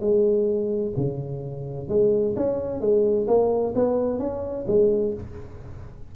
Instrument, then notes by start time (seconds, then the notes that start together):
tuba
0.00 G#3
0.96 C#3
1.89 G#3
2.36 C#4
2.81 G#3
3.27 A#3
3.75 B3
4.19 C#4
4.67 G#3